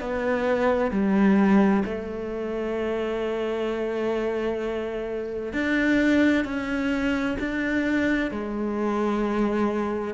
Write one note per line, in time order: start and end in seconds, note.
0.00 0.91 B3
0.91 1.83 G3
1.85 5.53 A3
5.53 6.44 D4
6.44 7.37 C#4
7.39 8.31 D4
8.31 10.14 G#3